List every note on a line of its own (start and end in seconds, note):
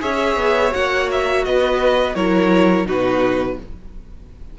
0.00 0.35 C#4
0.00 0.71 G#4
0.00 1.44 C#5
0.00 0.73 E5
0.35 0.71 B3
0.71 1.46 A#3
0.71 2.14 F#4
0.71 1.09 F#5
1.11 1.44 E5
1.44 2.15 B3
1.44 2.15 B4
1.44 2.15 D#5
2.15 2.85 F#3
2.15 2.86 E4
2.15 2.86 A#4
2.15 2.86 C#5
2.85 3.56 B2
2.85 3.57 D#4
2.85 3.58 F#4
2.85 3.59 B4